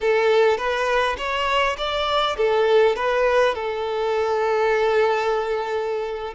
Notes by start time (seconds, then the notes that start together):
0.00 A4
0.57 B4
1.17 C#5
1.77 D5
2.37 A4
2.96 B4
3.54 A4